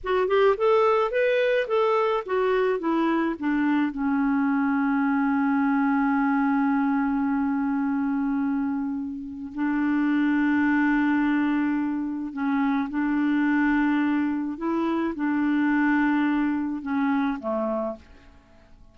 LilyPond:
\new Staff \with { instrumentName = "clarinet" } { \time 4/4 \tempo 4 = 107 fis'8 g'8 a'4 b'4 a'4 | fis'4 e'4 d'4 cis'4~ | cis'1~ | cis'1~ |
cis'4 d'2.~ | d'2 cis'4 d'4~ | d'2 e'4 d'4~ | d'2 cis'4 a4 | }